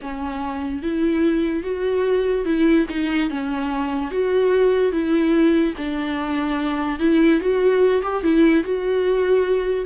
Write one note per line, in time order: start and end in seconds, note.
0.01 0.82 C#4
0.82 1.63 E4
1.63 2.45 F#4
2.45 2.86 E4
2.89 3.30 D#4
3.30 4.10 C#4
4.10 4.91 F#4
4.91 5.73 E4
5.77 6.99 D4
6.99 7.40 E4
7.40 8.01 F#4
8.02 8.23 G4
8.23 8.63 E4
8.63 9.85 F#4